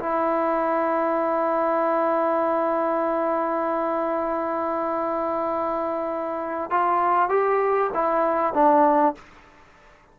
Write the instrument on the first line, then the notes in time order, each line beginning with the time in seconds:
trombone
0.00 E4
6.71 F4
7.29 G4
7.95 E4
8.54 D4